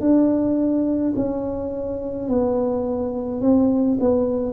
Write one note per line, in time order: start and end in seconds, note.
0.00 1.13 D4
1.16 2.28 C#4
2.28 3.41 B3
3.41 3.98 C4
4.00 4.52 B3